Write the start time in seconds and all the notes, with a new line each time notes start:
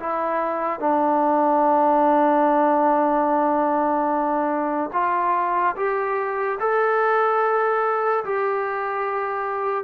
0.00 E4
0.80 D4
4.94 F4
5.76 G4
6.60 A4
8.25 G4